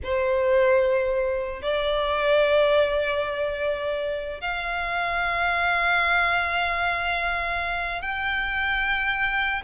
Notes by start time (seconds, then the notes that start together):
0.03 C5
1.61 D5
4.40 F5
8.01 G5